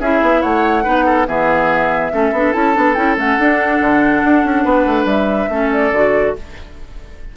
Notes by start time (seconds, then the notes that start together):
0.00 C#4 E4 G#4 E5
0.22 B3
0.41 A3 C#5 F#5
0.84 B3 D#4 B4
1.06 A4
1.28 E3 B3 G#4 E5
2.12 A3 C#4 A4
2.32 B3 D4
2.53 C#4 E4 A5
2.74 B3 D4
2.95 C#4 E4 G5
3.17 A3 C#4 F#5
3.38 D4
3.81 D3
4.25 D4
4.44 C#4
4.65 B3 B4
4.86 A3
5.05 G3 E5
5.49 A3 C#4 A4
5.73 D5
5.92 D3 F#4